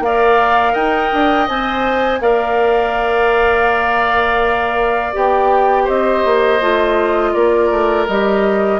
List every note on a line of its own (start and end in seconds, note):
0.00 0.73 A#3
0.00 1.48 A#4
0.00 0.73 D5
0.00 0.75 F5
0.73 1.12 D#4
0.73 2.19 D#5
0.73 1.48 G5
1.12 1.49 D4
1.48 2.20 C4
1.48 2.21 C5
1.48 2.21 G#5
2.20 5.13 A#3
2.20 5.13 A#4
2.20 5.84 D5
2.20 5.14 F5
5.13 5.88 B3
5.13 6.59 G4
5.13 5.88 G5
5.84 6.25 C4
5.84 7.30 C5
5.84 7.33 D#5
6.25 6.61 A#3
6.61 7.34 A3
6.61 8.07 F4
7.33 7.70 A#3
7.33 8.79 A#4
7.33 8.06 D5
7.70 8.07 A3
8.07 8.79 G3
8.07 8.79 G4
8.07 8.79 D#5